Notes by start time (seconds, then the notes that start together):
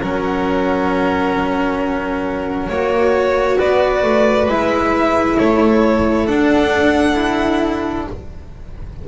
0.00 F#3 C#4 A#4 F#5
2.68 A#3 F#4 C#5
3.58 B3 B4 D5
4.03 A3
4.48 G#3 E4 E5
5.38 A3 A4 C#5
6.27 D4 F#5
7.14 E4